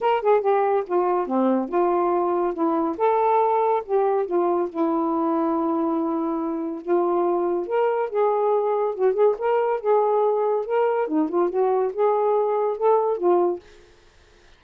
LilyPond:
\new Staff \with { instrumentName = "saxophone" } { \time 4/4 \tempo 4 = 141 ais'8 gis'8 g'4 f'4 c'4 | f'2 e'4 a'4~ | a'4 g'4 f'4 e'4~ | e'1 |
f'2 ais'4 gis'4~ | gis'4 fis'8 gis'8 ais'4 gis'4~ | gis'4 ais'4 dis'8 f'8 fis'4 | gis'2 a'4 f'4 | }